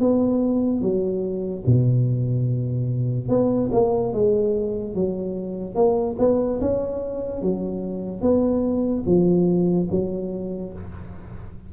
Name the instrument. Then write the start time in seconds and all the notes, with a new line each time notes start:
tuba
0.00 B3
0.81 F#3
1.66 B2
3.29 B3
3.72 A#3
4.13 G#3
4.95 F#3
5.75 A#3
6.19 B3
6.61 C#4
7.42 F#3
8.22 B3
9.06 F3
9.91 F#3